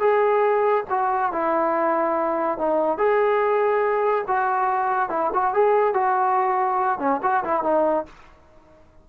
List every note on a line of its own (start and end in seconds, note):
0.00 0.85 G#4
0.90 1.32 F#4
1.32 2.59 E4
2.59 2.98 D#4
2.98 4.25 G#4
4.28 5.10 F#4
5.10 5.31 E4
5.34 5.54 F#4
5.54 5.94 G#4
5.94 6.99 F#4
6.99 7.20 C#4
7.23 7.44 F#4
7.45 7.63 E4
7.63 8.06 D#4